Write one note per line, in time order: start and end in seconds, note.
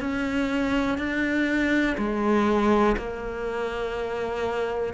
0.00 0.98 C#4
0.98 1.96 D4
1.98 2.96 G#3
2.97 4.94 A#3